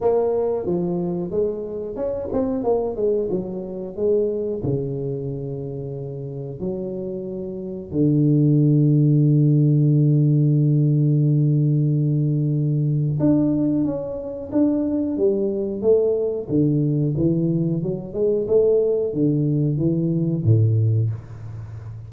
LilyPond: \new Staff \with { instrumentName = "tuba" } { \time 4/4 \tempo 4 = 91 ais4 f4 gis4 cis'8 c'8 | ais8 gis8 fis4 gis4 cis4~ | cis2 fis2 | d1~ |
d1 | d'4 cis'4 d'4 g4 | a4 d4 e4 fis8 gis8 | a4 d4 e4 a,4 | }